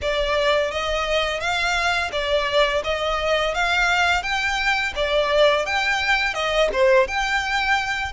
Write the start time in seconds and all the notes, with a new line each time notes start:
0.01 D5
0.71 D#5
1.40 F5
2.11 D5
2.84 D#5
3.54 F5
4.22 G5
4.95 D5
5.65 G5
6.33 D#5
6.73 C5
7.07 G5